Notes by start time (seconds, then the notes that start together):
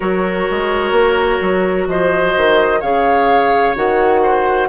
0.00 F#3 F#4 A#4 C#5
0.50 G#3
0.91 A#3
1.41 F#3
1.87 F3 C5 D#5
2.37 D#3
2.80 C#3 G#4 C#5 F5
3.75 D#3 F#4 F#5
4.22 C5